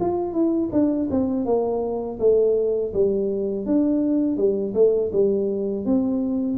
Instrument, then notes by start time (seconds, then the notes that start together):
tuba
0.00 F4
0.33 E4
0.73 D4
1.11 C4
1.45 A#3
2.20 A3
2.94 G3
3.66 D4
4.37 G3
4.74 A3
5.12 G3
5.85 C4